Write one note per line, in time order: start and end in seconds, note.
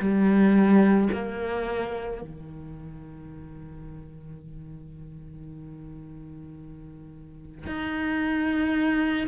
0.00 1.09 G3
1.13 2.22 A#3
2.22 7.67 D#3
7.67 9.27 D#4